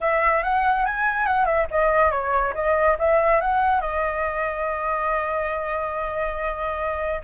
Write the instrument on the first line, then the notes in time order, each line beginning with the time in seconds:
flute
0.00 E5
0.43 F#5
0.85 G#5
1.26 F#5
1.45 E5
1.70 D#5
2.11 C#5
2.54 D#5
2.98 E5
3.40 F#5
3.81 D#5